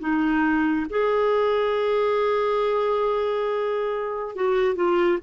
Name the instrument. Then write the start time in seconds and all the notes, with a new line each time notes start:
clarinet
0.00 D#4
0.90 G#4
4.36 F#4
4.75 F4